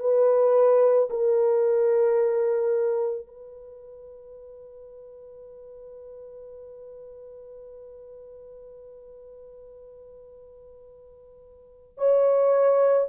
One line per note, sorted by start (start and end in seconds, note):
0.00 1.09 B4
1.10 3.27 A#4
3.27 11.98 B4
11.98 13.07 C#5